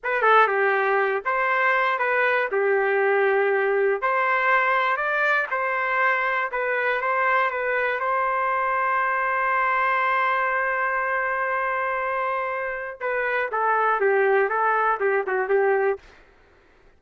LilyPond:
\new Staff \with { instrumentName = "trumpet" } { \time 4/4 \tempo 4 = 120 b'8 a'8 g'4. c''4. | b'4 g'2. | c''2 d''4 c''4~ | c''4 b'4 c''4 b'4 |
c''1~ | c''1~ | c''2 b'4 a'4 | g'4 a'4 g'8 fis'8 g'4 | }